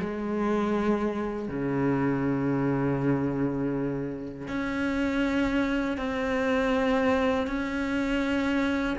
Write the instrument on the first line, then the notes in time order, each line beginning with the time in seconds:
cello
0.00 G#3
1.49 C#3
4.48 C#4
5.98 C4
7.47 C#4